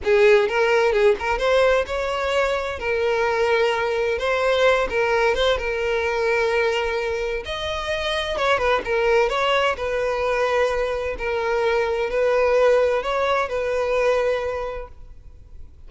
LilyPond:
\new Staff \with { instrumentName = "violin" } { \time 4/4 \tempo 4 = 129 gis'4 ais'4 gis'8 ais'8 c''4 | cis''2 ais'2~ | ais'4 c''4. ais'4 c''8 | ais'1 |
dis''2 cis''8 b'8 ais'4 | cis''4 b'2. | ais'2 b'2 | cis''4 b'2. | }